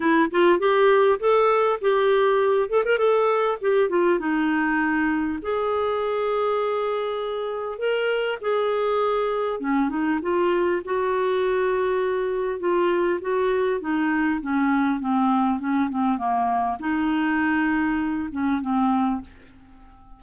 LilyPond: \new Staff \with { instrumentName = "clarinet" } { \time 4/4 \tempo 4 = 100 e'8 f'8 g'4 a'4 g'4~ | g'8 a'16 ais'16 a'4 g'8 f'8 dis'4~ | dis'4 gis'2.~ | gis'4 ais'4 gis'2 |
cis'8 dis'8 f'4 fis'2~ | fis'4 f'4 fis'4 dis'4 | cis'4 c'4 cis'8 c'8 ais4 | dis'2~ dis'8 cis'8 c'4 | }